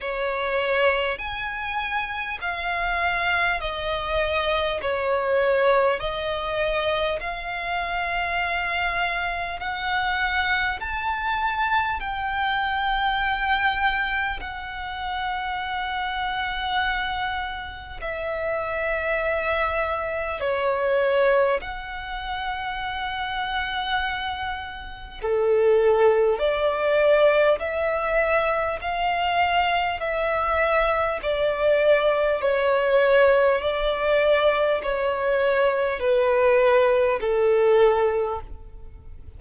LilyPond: \new Staff \with { instrumentName = "violin" } { \time 4/4 \tempo 4 = 50 cis''4 gis''4 f''4 dis''4 | cis''4 dis''4 f''2 | fis''4 a''4 g''2 | fis''2. e''4~ |
e''4 cis''4 fis''2~ | fis''4 a'4 d''4 e''4 | f''4 e''4 d''4 cis''4 | d''4 cis''4 b'4 a'4 | }